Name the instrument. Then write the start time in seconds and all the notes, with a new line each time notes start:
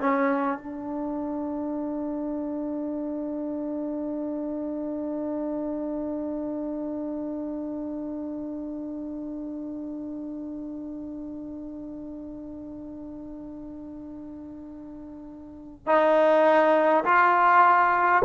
trombone
0.00 C#4
0.58 D4
15.87 D#4
17.05 F4